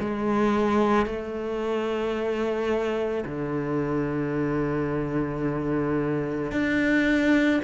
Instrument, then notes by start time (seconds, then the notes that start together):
cello
0.00 G#3
1.06 A3
3.25 D3
6.52 D4